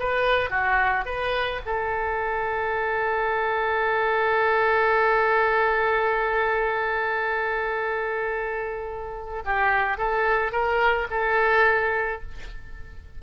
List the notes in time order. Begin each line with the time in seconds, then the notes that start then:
0.00 B4
0.51 F#4
1.05 B4
1.66 A4
9.45 G4
9.98 A4
10.52 A#4
11.11 A4